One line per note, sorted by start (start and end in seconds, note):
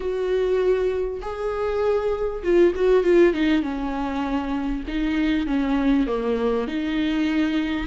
0.00 1.20 F#4
1.21 2.42 G#4
2.43 2.73 F4
2.75 3.03 F#4
3.03 3.33 F4
3.33 3.62 D#4
3.62 4.83 C#4
4.87 5.46 D#4
5.46 6.07 C#4
6.07 6.67 A#3
6.67 7.87 D#4